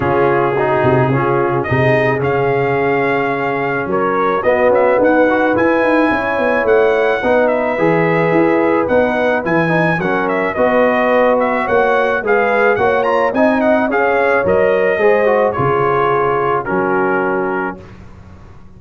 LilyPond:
<<
  \new Staff \with { instrumentName = "trumpet" } { \time 4/4 \tempo 4 = 108 gis'2. dis''4 | f''2. cis''4 | dis''8 e''8 fis''4 gis''2 | fis''4. e''2~ e''8 |
fis''4 gis''4 fis''8 e''8 dis''4~ | dis''8 e''8 fis''4 f''4 fis''8 ais''8 | gis''8 fis''8 f''4 dis''2 | cis''2 ais'2 | }
  \new Staff \with { instrumentName = "horn" } { \time 4/4 f'4 fis'4 f'4 gis'4~ | gis'2. ais'4 | fis'4 b'2 cis''4~ | cis''4 b'2.~ |
b'2 ais'4 b'4~ | b'4 cis''4 b'4 cis''4 | dis''4 cis''2 c''4 | gis'2 fis'2 | }
  \new Staff \with { instrumentName = "trombone" } { \time 4/4 cis'4 dis'4 cis'4 dis'4 | cis'1 | b4. fis'8 e'2~ | e'4 dis'4 gis'2 |
dis'4 e'8 dis'8 cis'4 fis'4~ | fis'2 gis'4 fis'8 f'8 | dis'4 gis'4 ais'4 gis'8 fis'8 | f'2 cis'2 | }
  \new Staff \with { instrumentName = "tuba" } { \time 4/4 cis4. c8 cis4 c4 | cis2. fis4 | b8 cis'8 dis'4 e'8 dis'8 cis'8 b8 | a4 b4 e4 e'4 |
b4 e4 fis4 b4~ | b4 ais4 gis4 ais4 | c'4 cis'4 fis4 gis4 | cis2 fis2 | }
>>